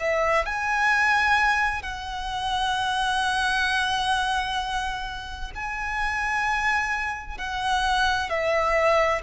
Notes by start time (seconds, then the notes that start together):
0.00 E5
0.46 G#5
1.83 F#5
5.55 G#5
7.38 F#5
8.30 E5